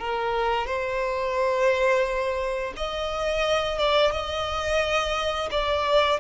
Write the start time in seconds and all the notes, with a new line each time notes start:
0.00 A#4
0.67 C5
2.77 D#5
3.79 D5
4.12 D#5
5.51 D5